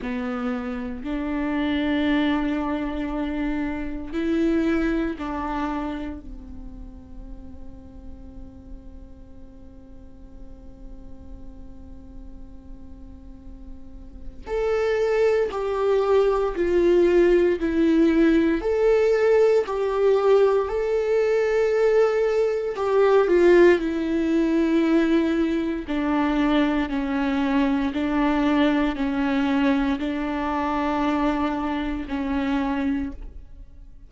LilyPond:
\new Staff \with { instrumentName = "viola" } { \time 4/4 \tempo 4 = 58 b4 d'2. | e'4 d'4 c'2~ | c'1~ | c'2 a'4 g'4 |
f'4 e'4 a'4 g'4 | a'2 g'8 f'8 e'4~ | e'4 d'4 cis'4 d'4 | cis'4 d'2 cis'4 | }